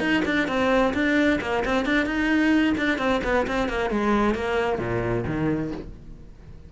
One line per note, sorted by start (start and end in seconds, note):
0.00 0.23 D#4
0.25 0.48 D4
0.48 0.94 C4
0.94 1.39 D4
1.41 1.64 A#3
1.65 1.86 C4
1.86 2.06 D4
2.06 2.74 D#4
2.77 2.99 D4
2.99 3.21 C4
3.24 3.47 B3
3.47 3.69 C4
3.69 3.90 A#3
3.90 4.35 G#3
4.35 4.79 A#3
4.79 5.24 A#2
5.27 5.72 D#3